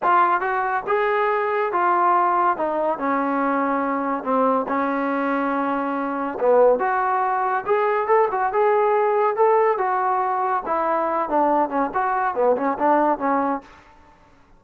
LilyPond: \new Staff \with { instrumentName = "trombone" } { \time 4/4 \tempo 4 = 141 f'4 fis'4 gis'2 | f'2 dis'4 cis'4~ | cis'2 c'4 cis'4~ | cis'2. b4 |
fis'2 gis'4 a'8 fis'8 | gis'2 a'4 fis'4~ | fis'4 e'4. d'4 cis'8 | fis'4 b8 cis'8 d'4 cis'4 | }